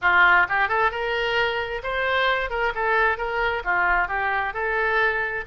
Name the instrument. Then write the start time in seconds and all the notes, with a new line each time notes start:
oboe
0.01 F4
0.48 G4
0.68 A4
0.91 A#4
1.83 C5
2.50 A#4
2.74 A4
3.17 A#4
3.64 F4
4.08 G4
4.53 A4